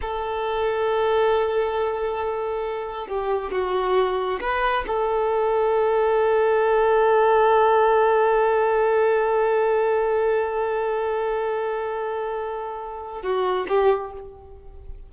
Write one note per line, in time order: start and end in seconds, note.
0.01 3.07 A4
3.07 3.51 G4
3.51 4.39 F#4
4.40 4.84 B4
4.87 13.22 A4
13.22 13.66 F#4
13.68 14.12 G4